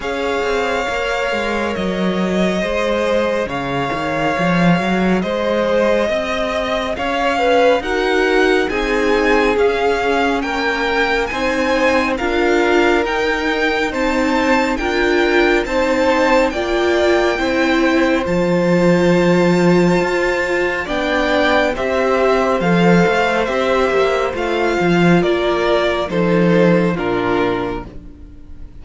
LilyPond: <<
  \new Staff \with { instrumentName = "violin" } { \time 4/4 \tempo 4 = 69 f''2 dis''2 | f''2 dis''2 | f''4 fis''4 gis''4 f''4 | g''4 gis''4 f''4 g''4 |
a''4 g''4 a''4 g''4~ | g''4 a''2. | g''4 e''4 f''4 e''4 | f''4 d''4 c''4 ais'4 | }
  \new Staff \with { instrumentName = "violin" } { \time 4/4 cis''2. c''4 | cis''2 c''4 dis''4 | cis''8 b'8 ais'4 gis'2 | ais'4 c''4 ais'2 |
c''4 ais'4 c''4 d''4 | c''1 | d''4 c''2.~ | c''4 ais'4 a'4 f'4 | }
  \new Staff \with { instrumentName = "viola" } { \time 4/4 gis'4 ais'2 gis'4~ | gis'1~ | gis'4 fis'4 dis'4 cis'4~ | cis'4 dis'4 f'4 dis'4 |
c'4 f'4 dis'4 f'4 | e'4 f'2. | d'4 g'4 a'4 g'4 | f'2 dis'4 d'4 | }
  \new Staff \with { instrumentName = "cello" } { \time 4/4 cis'8 c'8 ais8 gis8 fis4 gis4 | cis8 dis8 f8 fis8 gis4 c'4 | cis'4 dis'4 c'4 cis'4 | ais4 c'4 d'4 dis'4~ |
dis'4 d'4 c'4 ais4 | c'4 f2 f'4 | b4 c'4 f8 a8 c'8 ais8 | a8 f8 ais4 f4 ais,4 | }
>>